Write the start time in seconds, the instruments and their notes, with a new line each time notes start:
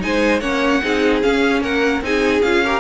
0.00 cello G#3, viola D#4, violin C5 G#5
0.40 cello A#3, viola C#4, violin C#5 F#5
0.82 cello C4, viola D#4, violin G#4
1.22 viola C#4, cello C#4, violin F5
1.61 cello A#3, violin A#4 F#5
2.02 cello C4, viola D#4, violin G#4 G#5
2.42 cello C#4, viola F4, violin F5
2.64 viola G4, violin A#4